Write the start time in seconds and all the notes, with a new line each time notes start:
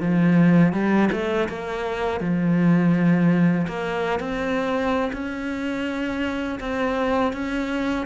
0.00 F3
0.73 G3
1.12 A3
1.48 A#3
2.20 F3
3.68 A#3
4.19 C4
5.13 C#4
6.60 C4
7.33 C#4